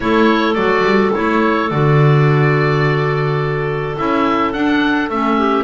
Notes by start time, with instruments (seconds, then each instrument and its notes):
0.00 double bass A3, clarinet E4 A4, oboe C#5
0.54 double bass F#3, clarinet F#4, oboe D5
0.83 double bass G3
1.14 double bass A3, clarinet E4, oboe C#5
1.70 double bass D3, clarinet F#4, oboe D5
3.97 double bass C#4, clarinet E4, oboe E5
4.53 double bass D4, clarinet D4, oboe F#5
5.09 double bass A3, clarinet C#4, oboe E5
5.38 clarinet G4